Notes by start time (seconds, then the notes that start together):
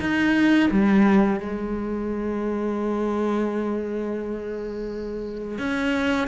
0.00 D#4
0.71 G3
1.40 G#3
5.58 C#4